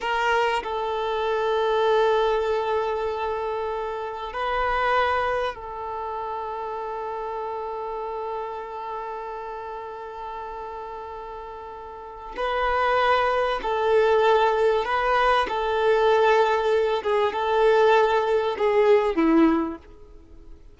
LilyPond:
\new Staff \with { instrumentName = "violin" } { \time 4/4 \tempo 4 = 97 ais'4 a'2.~ | a'2. b'4~ | b'4 a'2.~ | a'1~ |
a'1 | b'2 a'2 | b'4 a'2~ a'8 gis'8 | a'2 gis'4 e'4 | }